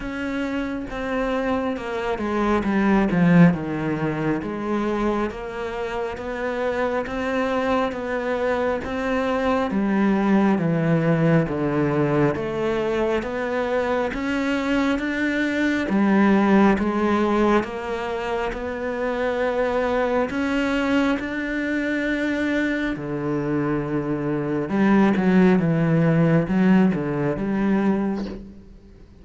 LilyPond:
\new Staff \with { instrumentName = "cello" } { \time 4/4 \tempo 4 = 68 cis'4 c'4 ais8 gis8 g8 f8 | dis4 gis4 ais4 b4 | c'4 b4 c'4 g4 | e4 d4 a4 b4 |
cis'4 d'4 g4 gis4 | ais4 b2 cis'4 | d'2 d2 | g8 fis8 e4 fis8 d8 g4 | }